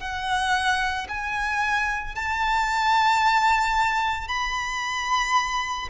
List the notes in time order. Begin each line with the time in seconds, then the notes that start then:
0.00 F#5
1.09 G#5
2.16 A5
4.28 B5